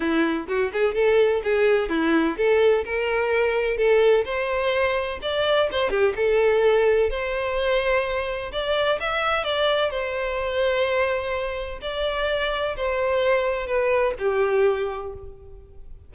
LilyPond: \new Staff \with { instrumentName = "violin" } { \time 4/4 \tempo 4 = 127 e'4 fis'8 gis'8 a'4 gis'4 | e'4 a'4 ais'2 | a'4 c''2 d''4 | c''8 g'8 a'2 c''4~ |
c''2 d''4 e''4 | d''4 c''2.~ | c''4 d''2 c''4~ | c''4 b'4 g'2 | }